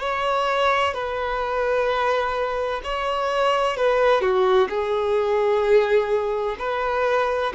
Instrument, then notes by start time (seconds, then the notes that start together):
violin
0.00 C#5
0.94 B4
2.84 C#5
3.77 B4
4.21 F#4
4.69 G#4
6.59 B4